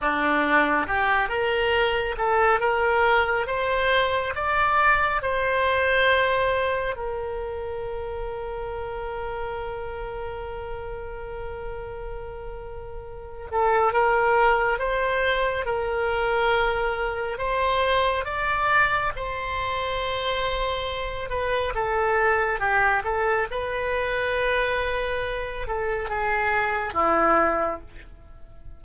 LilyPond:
\new Staff \with { instrumentName = "oboe" } { \time 4/4 \tempo 4 = 69 d'4 g'8 ais'4 a'8 ais'4 | c''4 d''4 c''2 | ais'1~ | ais'2.~ ais'8 a'8 |
ais'4 c''4 ais'2 | c''4 d''4 c''2~ | c''8 b'8 a'4 g'8 a'8 b'4~ | b'4. a'8 gis'4 e'4 | }